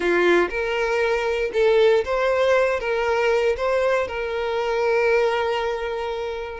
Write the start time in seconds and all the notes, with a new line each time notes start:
0.00 F4
0.49 A#4
1.53 A4
2.05 C5
2.79 A#4
3.56 C5
4.07 A#4